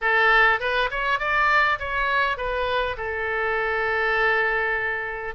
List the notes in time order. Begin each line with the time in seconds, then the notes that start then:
0.01 A4
0.59 B4
0.90 C#5
1.19 D5
1.79 C#5
2.37 B4
2.97 A4